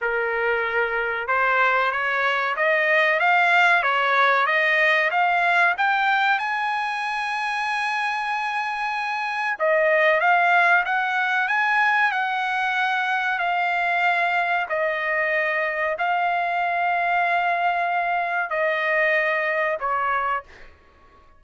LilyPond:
\new Staff \with { instrumentName = "trumpet" } { \time 4/4 \tempo 4 = 94 ais'2 c''4 cis''4 | dis''4 f''4 cis''4 dis''4 | f''4 g''4 gis''2~ | gis''2. dis''4 |
f''4 fis''4 gis''4 fis''4~ | fis''4 f''2 dis''4~ | dis''4 f''2.~ | f''4 dis''2 cis''4 | }